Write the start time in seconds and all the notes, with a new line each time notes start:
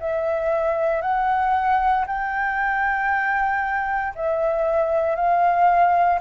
0.00 E5
1.02 F#5
2.06 G5
4.15 E5
5.15 F5